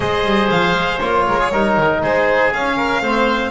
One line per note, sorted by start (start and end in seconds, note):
0.00 0.24 G#3
0.00 0.99 G#4
0.00 1.25 C5
0.00 0.49 D#5
0.24 0.49 G3
0.50 0.74 F3
0.50 0.99 F5
0.74 0.99 G#3
0.99 1.26 A#3
0.99 1.51 F4
0.99 2.00 C#5
1.27 1.52 G#3
1.27 1.39 A#4
1.39 1.51 G#4
1.51 1.77 G3
1.51 2.53 D#4
1.51 2.01 A#4
1.77 2.02 D#3
2.01 2.52 G#3
2.01 2.76 G#4
2.01 2.53 C5
2.53 3.00 C#4
2.53 3.02 C#4
2.53 3.50 F5
2.76 3.02 A#4
3.00 3.50 A3
3.00 3.50 C4
3.00 3.50 C5